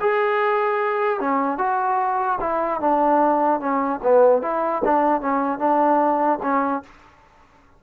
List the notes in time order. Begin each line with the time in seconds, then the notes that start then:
0.00 G#4
1.20 C#4
1.58 F#4
2.40 E4
2.80 D4
3.59 C#4
4.02 B3
4.42 E4
4.84 D4
5.21 C#4
5.58 D4
6.42 C#4